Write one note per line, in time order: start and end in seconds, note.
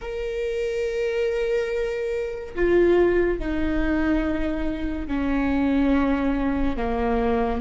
0.01 2.54 A#4
2.55 3.39 F4
3.39 5.07 D#4
5.07 6.76 C#4
6.76 7.61 A#3